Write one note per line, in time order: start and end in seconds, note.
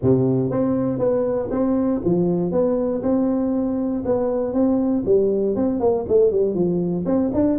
0.01 0.50 C3
0.50 0.98 C4
0.98 1.49 B3
1.50 2.01 C4
2.04 2.51 F3
2.51 3.02 B3
3.02 4.03 C4
4.05 4.53 B3
4.53 5.03 C4
5.05 5.55 G3
5.55 5.80 C4
5.80 6.05 A#3
6.08 6.31 A3
6.31 6.54 G3
6.54 7.05 F3
7.05 7.30 C4
7.33 7.58 D4